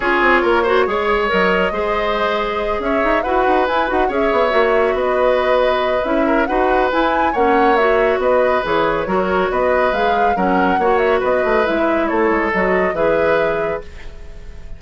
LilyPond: <<
  \new Staff \with { instrumentName = "flute" } { \time 4/4 \tempo 4 = 139 cis''2. dis''4~ | dis''2~ dis''8 e''4 fis''8~ | fis''8 gis''8 fis''8 e''2 dis''8~ | dis''2 e''4 fis''4 |
gis''4 fis''4 e''4 dis''4 | cis''2 dis''4 f''4 | fis''4. e''8 dis''4 e''4 | cis''4 dis''4 e''2 | }
  \new Staff \with { instrumentName = "oboe" } { \time 4/4 gis'4 ais'8 c''8 cis''2 | c''2~ c''8 cis''4 b'8~ | b'4. cis''2 b'8~ | b'2~ b'8 ais'8 b'4~ |
b'4 cis''2 b'4~ | b'4 ais'4 b'2 | ais'4 cis''4 b'2 | a'2 b'2 | }
  \new Staff \with { instrumentName = "clarinet" } { \time 4/4 f'4. fis'8 gis'4 ais'4 | gis'2.~ gis'8 fis'8~ | fis'8 e'8 fis'8 gis'4 fis'4.~ | fis'2 e'4 fis'4 |
e'4 cis'4 fis'2 | gis'4 fis'2 gis'4 | cis'4 fis'2 e'4~ | e'4 fis'4 gis'2 | }
  \new Staff \with { instrumentName = "bassoon" } { \time 4/4 cis'8 c'8 ais4 gis4 fis4 | gis2~ gis8 cis'8 dis'8 e'8 | dis'8 e'8 dis'8 cis'8 b8 ais4 b8~ | b2 cis'4 dis'4 |
e'4 ais2 b4 | e4 fis4 b4 gis4 | fis4 ais4 b8 a8 gis4 | a8 gis8 fis4 e2 | }
>>